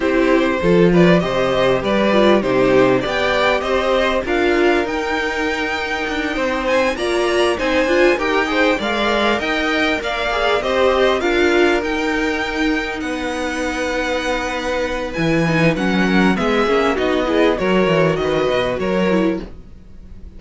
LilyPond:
<<
  \new Staff \with { instrumentName = "violin" } { \time 4/4 \tempo 4 = 99 c''4. d''8 dis''4 d''4 | c''4 g''4 dis''4 f''4 | g''2. gis''8 ais''8~ | ais''8 gis''4 g''4 f''4 g''8~ |
g''8 f''4 dis''4 f''4 g''8~ | g''4. fis''2~ fis''8~ | fis''4 gis''4 fis''4 e''4 | dis''4 cis''4 dis''4 cis''4 | }
  \new Staff \with { instrumentName = "violin" } { \time 4/4 g'4 a'8 b'8 c''4 b'4 | g'4 d''4 c''4 ais'4~ | ais'2~ ais'8 c''4 d''8~ | d''8 c''4 ais'8 c''8 d''4 dis''8~ |
dis''8 d''4 c''4 ais'4.~ | ais'4. b'2~ b'8~ | b'2~ b'8 ais'8 gis'4 | fis'8 gis'8 ais'4 b'4 ais'4 | }
  \new Staff \with { instrumentName = "viola" } { \time 4/4 e'4 f'4 g'4. f'8 | dis'4 g'2 f'4 | dis'2.~ dis'8 f'8~ | f'8 dis'8 f'8 g'8 gis'8 ais'4.~ |
ais'4 gis'8 g'4 f'4 dis'8~ | dis'1~ | dis'4 e'8 dis'8 cis'4 b8 cis'8 | dis'8 e'8 fis'2~ fis'8 e'8 | }
  \new Staff \with { instrumentName = "cello" } { \time 4/4 c'4 f4 c4 g4 | c4 b4 c'4 d'4 | dis'2 d'8 c'4 ais8~ | ais8 c'8 d'8 dis'4 gis4 dis'8~ |
dis'8 ais4 c'4 d'4 dis'8~ | dis'4. b2~ b8~ | b4 e4 fis4 gis8 ais8 | b4 fis8 e8 dis8 b,8 fis4 | }
>>